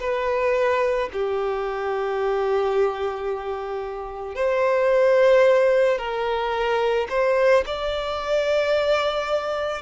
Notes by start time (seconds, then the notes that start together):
0.00 B4
1.13 G4
4.35 C5
5.98 A#4
7.10 C5
7.67 D5